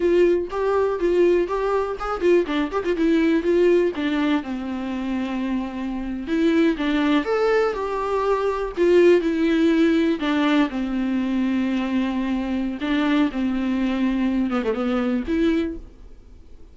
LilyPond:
\new Staff \with { instrumentName = "viola" } { \time 4/4 \tempo 4 = 122 f'4 g'4 f'4 g'4 | gis'8 f'8 d'8 g'16 f'16 e'4 f'4 | d'4 c'2.~ | c'8. e'4 d'4 a'4 g'16~ |
g'4.~ g'16 f'4 e'4~ e'16~ | e'8. d'4 c'2~ c'16~ | c'2 d'4 c'4~ | c'4. b16 a16 b4 e'4 | }